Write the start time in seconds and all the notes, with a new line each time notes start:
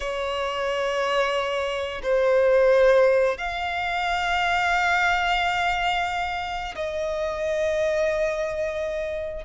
0.00 C#5
2.02 C5
3.37 F5
6.75 D#5